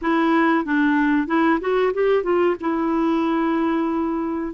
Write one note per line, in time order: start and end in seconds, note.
0.01 0.65 E4
0.65 1.27 D4
1.27 1.59 E4
1.60 1.92 F#4
1.93 2.23 G4
2.23 2.55 F4
2.60 4.53 E4